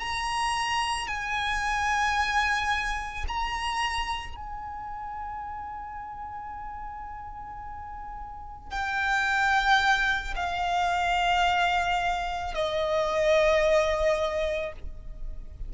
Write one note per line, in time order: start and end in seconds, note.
0.00 1.08 A#5
1.08 3.26 G#5
3.28 4.36 A#5
4.36 8.71 G#5
8.71 10.34 G5
10.36 12.55 F5
12.55 14.73 D#5